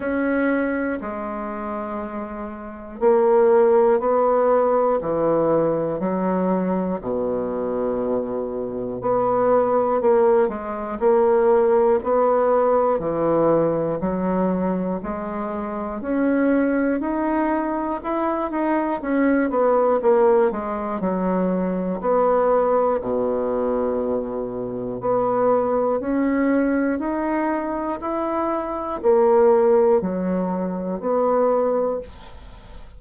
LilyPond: \new Staff \with { instrumentName = "bassoon" } { \time 4/4 \tempo 4 = 60 cis'4 gis2 ais4 | b4 e4 fis4 b,4~ | b,4 b4 ais8 gis8 ais4 | b4 e4 fis4 gis4 |
cis'4 dis'4 e'8 dis'8 cis'8 b8 | ais8 gis8 fis4 b4 b,4~ | b,4 b4 cis'4 dis'4 | e'4 ais4 fis4 b4 | }